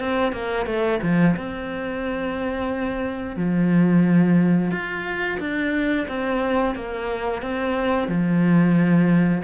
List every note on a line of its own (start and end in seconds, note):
0.00 0.32 C4
0.32 0.66 A#3
0.66 1.00 A3
1.03 1.36 F3
1.37 3.37 C4
3.37 4.71 F3
4.71 5.39 F4
5.40 6.07 D4
6.08 6.76 C4
6.76 7.42 A#3
7.42 8.08 C4
8.08 9.43 F3